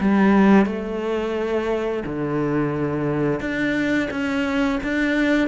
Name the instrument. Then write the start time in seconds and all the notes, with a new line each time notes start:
cello
0.00 G3
0.65 A3
2.06 D3
3.40 D4
4.10 C#4
4.83 D4